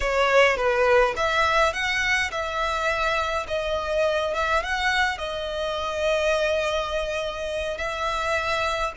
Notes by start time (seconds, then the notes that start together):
0.00 C#5
0.56 B4
1.16 E5
1.73 F#5
2.31 E5
3.47 D#5
4.34 E5
4.63 F#5
5.18 D#5
7.77 E5